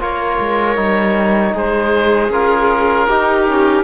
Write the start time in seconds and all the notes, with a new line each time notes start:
0.00 A#3 F4 A#4 C#5
0.40 G#3
0.76 G3 D#4
1.54 G#3 G#4 C5
2.30 C#4 F4 A#4
3.08 D#4 G4
3.48 C#4